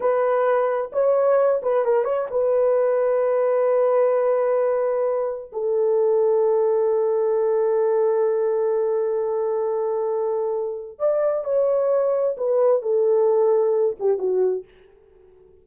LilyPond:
\new Staff \with { instrumentName = "horn" } { \time 4/4 \tempo 4 = 131 b'2 cis''4. b'8 | ais'8 cis''8 b'2.~ | b'1 | a'1~ |
a'1~ | a'1 | d''4 cis''2 b'4 | a'2~ a'8 g'8 fis'4 | }